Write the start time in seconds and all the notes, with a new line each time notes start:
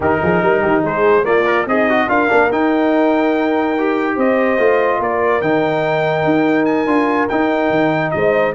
0.00 D#3 D#4 G4 A#4
0.22 F3 G#4
0.42 G3 A#4
0.61 D#3 G4
0.82 G#3 G#4 C5
1.23 A#3 F4 D5
1.46 A#4
1.66 C4 D#4 G#4 D#5
1.89 F#4
2.08 D4 F4 A#4 F5
2.28 A#3 D4
2.51 D#4 G5
3.78 G4
4.15 C4 C5 D#5
4.58 A3 F4
4.99 A#3 A#4 D5
5.41 D#3 D#4 G5
6.24 D#4
6.65 G#5
6.86 D4 F4
7.28 D#4 G5
7.70 D#3
8.11 G#3 C5 D#5